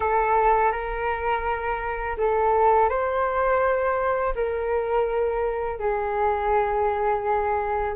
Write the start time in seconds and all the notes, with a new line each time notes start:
0.00 A4
0.72 A#4
2.17 A4
2.89 C5
4.35 A#4
5.79 G#4